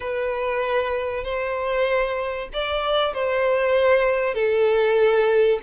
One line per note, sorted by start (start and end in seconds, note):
0.00 1.24 B4
1.24 2.49 C5
2.53 3.13 D5
3.13 4.34 C5
4.34 5.59 A4